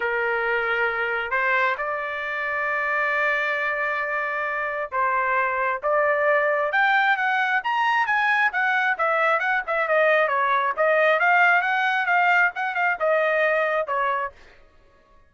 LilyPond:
\new Staff \with { instrumentName = "trumpet" } { \time 4/4 \tempo 4 = 134 ais'2. c''4 | d''1~ | d''2. c''4~ | c''4 d''2 g''4 |
fis''4 ais''4 gis''4 fis''4 | e''4 fis''8 e''8 dis''4 cis''4 | dis''4 f''4 fis''4 f''4 | fis''8 f''8 dis''2 cis''4 | }